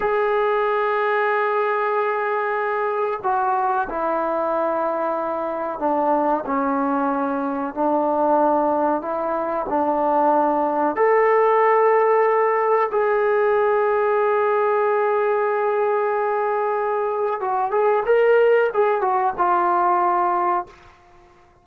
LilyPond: \new Staff \with { instrumentName = "trombone" } { \time 4/4 \tempo 4 = 93 gis'1~ | gis'4 fis'4 e'2~ | e'4 d'4 cis'2 | d'2 e'4 d'4~ |
d'4 a'2. | gis'1~ | gis'2. fis'8 gis'8 | ais'4 gis'8 fis'8 f'2 | }